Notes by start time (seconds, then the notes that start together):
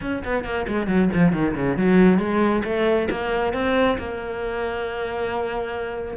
0.01 C#4
0.24 B3
0.44 A#3
0.68 G#3
0.87 F#3
1.13 F3
1.32 D#3
1.55 C#3
1.77 F#3
2.18 G#3
2.64 A3
3.10 A#3
3.53 C4
3.98 A#3